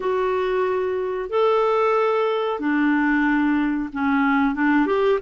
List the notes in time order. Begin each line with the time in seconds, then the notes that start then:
0.00 F#4
1.29 A4
2.59 D4
3.92 C#4
4.54 D4
4.86 G4